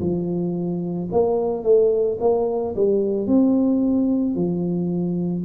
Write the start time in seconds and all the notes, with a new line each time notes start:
0.00 F3
1.12 A#3
1.64 A3
2.20 A#3
2.76 G3
3.27 C4
4.35 F3